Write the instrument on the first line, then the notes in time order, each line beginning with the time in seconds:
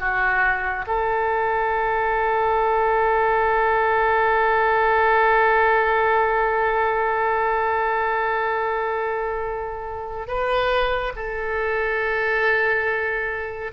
oboe
0.00 F#4
0.88 A4
10.28 B4
11.16 A4